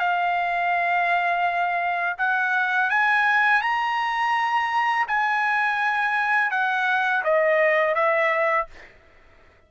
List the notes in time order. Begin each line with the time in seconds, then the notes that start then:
0.00 F5
2.18 F#5
2.90 G#5
3.62 A#5
5.08 G#5
6.51 F#5
7.25 D#5
7.95 E5